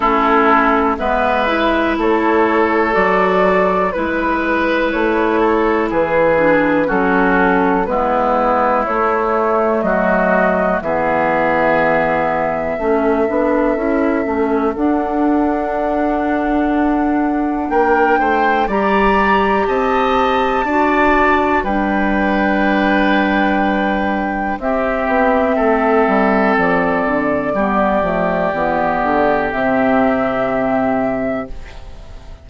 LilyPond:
<<
  \new Staff \with { instrumentName = "flute" } { \time 4/4 \tempo 4 = 61 a'4 e''4 cis''4 d''4 | b'4 cis''4 b'4 a'4 | b'4 cis''4 dis''4 e''4~ | e''2. fis''4~ |
fis''2 g''4 ais''4 | a''2 g''2~ | g''4 e''2 d''4~ | d''2 e''2 | }
  \new Staff \with { instrumentName = "oboe" } { \time 4/4 e'4 b'4 a'2 | b'4. a'8 gis'4 fis'4 | e'2 fis'4 gis'4~ | gis'4 a'2.~ |
a'2 ais'8 c''8 d''4 | dis''4 d''4 b'2~ | b'4 g'4 a'2 | g'1 | }
  \new Staff \with { instrumentName = "clarinet" } { \time 4/4 cis'4 b8 e'4. fis'4 | e'2~ e'8 d'8 cis'4 | b4 a2 b4~ | b4 cis'8 d'8 e'8 cis'8 d'4~ |
d'2. g'4~ | g'4 fis'4 d'2~ | d'4 c'2. | b8 a8 b4 c'2 | }
  \new Staff \with { instrumentName = "bassoon" } { \time 4/4 a4 gis4 a4 fis4 | gis4 a4 e4 fis4 | gis4 a4 fis4 e4~ | e4 a8 b8 cis'8 a8 d'4~ |
d'2 ais8 a8 g4 | c'4 d'4 g2~ | g4 c'8 b8 a8 g8 f8 d8 | g8 f8 e8 d8 c2 | }
>>